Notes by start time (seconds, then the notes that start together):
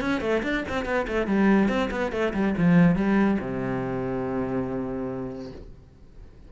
0.00 C#4
0.21 A3
0.42 D4
0.68 C4
0.85 B3
1.07 A3
1.27 G3
1.68 C4
1.90 B3
2.12 A3
2.33 G3
2.57 F3
2.95 G3
3.40 C3